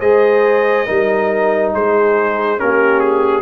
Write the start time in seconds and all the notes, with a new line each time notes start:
0.00 G#3 G#4 C5 D#5
0.86 G3 D#4 A#4
1.73 G#3 G#4 C5
2.57 A#3 C#4 G4 A#4
2.99 G#4